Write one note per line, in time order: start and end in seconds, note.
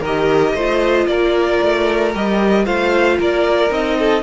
0.00 0.53 D#3
0.00 0.57 G4
0.00 0.53 A#4
0.00 1.07 D#5
0.54 1.06 A3
0.54 2.13 F4
0.54 1.07 C5
1.06 1.59 A#3
1.06 2.64 A#4
1.06 2.12 D5
1.62 2.15 A3
2.13 2.66 G3
2.13 2.65 G4
2.13 2.65 D#5
2.64 3.19 A3
2.64 3.70 F4
2.64 3.17 C5
2.64 3.18 F5
3.19 3.70 A#3
3.19 3.98 A#4
3.19 3.72 D5
3.70 4.23 C4
3.70 4.22 D#4
3.70 4.23 D#5
3.98 4.23 A4